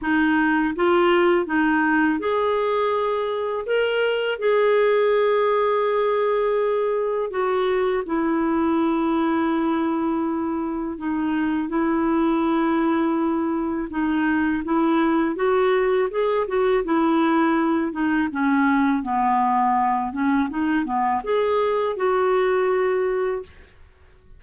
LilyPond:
\new Staff \with { instrumentName = "clarinet" } { \time 4/4 \tempo 4 = 82 dis'4 f'4 dis'4 gis'4~ | gis'4 ais'4 gis'2~ | gis'2 fis'4 e'4~ | e'2. dis'4 |
e'2. dis'4 | e'4 fis'4 gis'8 fis'8 e'4~ | e'8 dis'8 cis'4 b4. cis'8 | dis'8 b8 gis'4 fis'2 | }